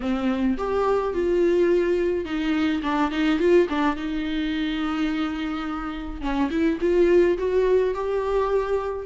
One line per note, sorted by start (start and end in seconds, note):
0.00 0.57 C4
0.57 1.13 G4
1.13 2.25 F4
2.25 2.81 D#4
2.83 3.11 D4
3.11 3.39 D#4
3.39 3.67 F4
3.69 3.95 D4
3.95 6.21 D#4
6.21 6.49 C#4
6.50 6.78 E4
6.81 7.37 F4
7.38 7.94 F#4
7.94 9.06 G4